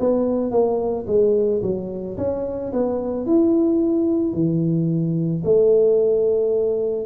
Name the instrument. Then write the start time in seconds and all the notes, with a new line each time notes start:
tuba
0.00 B3
0.51 A#3
1.07 G#3
1.62 F#3
2.18 C#4
2.73 B3
3.26 E4
4.34 E3
5.44 A3